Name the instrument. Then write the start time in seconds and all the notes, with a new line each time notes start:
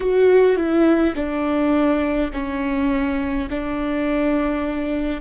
viola
0.00 F#4
0.56 E4
1.15 D4
2.33 C#4
3.50 D4